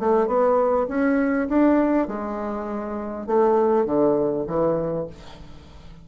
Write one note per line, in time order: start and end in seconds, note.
0.00 0.28 A3
0.28 0.88 B3
0.89 1.49 C#4
1.49 2.08 D4
2.08 3.27 G#3
3.27 3.86 A3
3.86 4.46 D3
4.48 5.08 E3